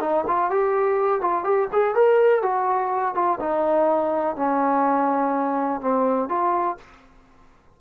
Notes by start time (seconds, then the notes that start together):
0.00 D#4
0.27 F4
0.50 G4
1.21 F4
1.44 G4
1.72 G#4
1.95 A#4
2.42 F#4
3.15 F4
3.40 D#4
4.36 C#4
5.81 C4
6.29 F4